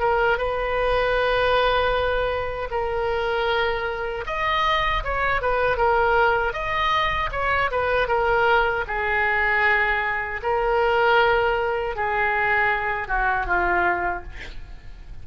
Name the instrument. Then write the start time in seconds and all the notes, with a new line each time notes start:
oboe
0.00 A#4
0.38 B4
2.71 A#4
4.26 D#5
5.03 C#5
5.41 B4
5.77 A#4
6.53 D#5
7.32 C#5
7.71 B4
8.08 A#4
8.87 G#4
10.43 A#4
11.95 G#4
13.08 F#4
13.46 F4